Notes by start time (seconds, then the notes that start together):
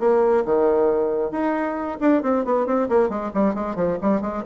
0.00 A#3
0.46 D#3
1.32 D#4
2.01 D4
2.23 C4
2.45 B3
2.67 C4
2.89 A#3
3.09 G#3
3.34 G3
3.55 G#3
3.76 F3
4.02 G3
4.22 G#3